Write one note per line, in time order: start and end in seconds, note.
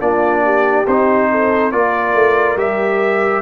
0.00 0.86 A#3
0.00 0.86 D4
0.00 0.44 F4
0.00 0.86 D5
0.44 1.30 G4
0.87 1.73 C4
0.87 1.72 D#4
0.87 1.72 C5
1.31 1.74 A4
1.72 2.14 A#3
1.72 2.57 F4
1.72 3.42 A#4
1.72 2.57 D5
2.14 2.57 A3
2.57 3.42 G3
2.57 3.42 G4
2.57 3.42 E5